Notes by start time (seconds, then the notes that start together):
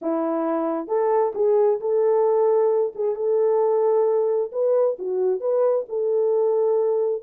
0.01 E4
0.87 A4
1.35 G#4
1.80 A4
2.95 G#4
3.15 A4
4.52 B4
4.98 F#4
5.40 B4
5.89 A4